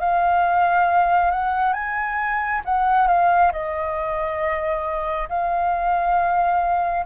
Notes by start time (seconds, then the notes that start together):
0.00 F5
1.32 F#5
1.73 G#5
2.65 F#5
3.08 F5
3.53 D#5
5.29 F5